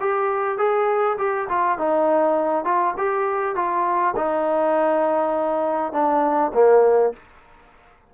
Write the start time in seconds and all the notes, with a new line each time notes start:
0.00 G4
0.58 G#4
1.18 G4
1.49 F4
1.78 D#4
2.65 F4
2.97 G4
3.55 F4
4.16 D#4
5.92 D4
6.53 A#3